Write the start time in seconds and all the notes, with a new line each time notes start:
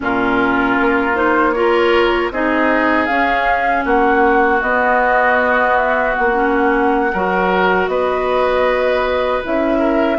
0.00 A#2 C#4 F4 A#4
0.80 A#3
1.14 D#4 C5
1.52 F4 A#4 C#5
2.30 C4 D#4 G#4 D#5
3.05 C#4 F5
3.84 A#3 F#4 F#5
4.62 B3 D#5
5.76 E5
6.15 A#3 F#5
6.33 C#4
7.12 F#3 F#4 A#4
7.87 B3 B4 D#5
9.43 C#4 E4 E5
9.78 A#4